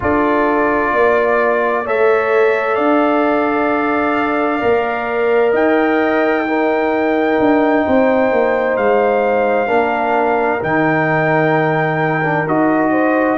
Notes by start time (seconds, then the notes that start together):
0.00 D4 F4 A4 D5
0.92 A#3 D5
1.84 A3 A4 C#5 E5
2.74 D4 D5 F5
4.61 A#3 A#4
5.52 D#4 D#5 G5
6.46 D#4 A#4
7.39 D4
7.85 C4 C5
8.31 A#3
8.76 G#3 F5
9.66 A#3 D4 A#4
10.60 D#3 D#4 G5
12.23 D4
12.47 D#4 F#4 D#5
12.91 C5